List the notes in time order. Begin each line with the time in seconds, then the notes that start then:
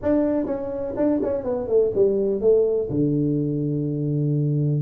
0.02 D4
0.46 C#4
0.96 D4
1.22 C#4
1.43 B3
1.67 A3
1.94 G3
2.40 A3
2.89 D3